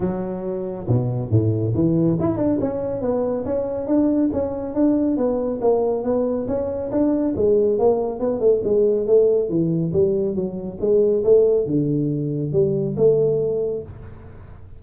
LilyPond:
\new Staff \with { instrumentName = "tuba" } { \time 4/4 \tempo 4 = 139 fis2 b,4 a,4 | e4 e'8 d'8 cis'4 b4 | cis'4 d'4 cis'4 d'4 | b4 ais4 b4 cis'4 |
d'4 gis4 ais4 b8 a8 | gis4 a4 e4 g4 | fis4 gis4 a4 d4~ | d4 g4 a2 | }